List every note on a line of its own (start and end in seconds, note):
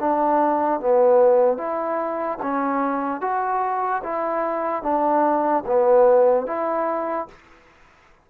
0.00 0.80 D4
0.80 1.57 B3
1.57 2.38 E4
2.42 3.21 C#4
3.21 4.02 F#4
4.03 4.82 E4
4.82 5.64 D4
5.66 6.46 B3
6.46 7.28 E4